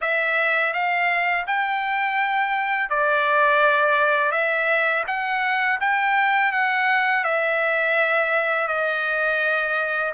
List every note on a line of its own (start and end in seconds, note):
0.01 0.73 E5
0.73 1.45 F5
1.46 2.89 G5
2.89 4.31 D5
4.31 5.03 E5
5.07 5.79 F#5
5.80 6.52 G5
6.52 7.24 F#5
7.24 8.67 E5
8.67 10.12 D#5